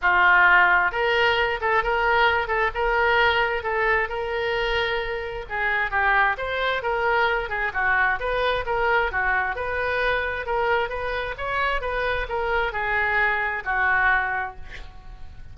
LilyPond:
\new Staff \with { instrumentName = "oboe" } { \time 4/4 \tempo 4 = 132 f'2 ais'4. a'8 | ais'4. a'8 ais'2 | a'4 ais'2. | gis'4 g'4 c''4 ais'4~ |
ais'8 gis'8 fis'4 b'4 ais'4 | fis'4 b'2 ais'4 | b'4 cis''4 b'4 ais'4 | gis'2 fis'2 | }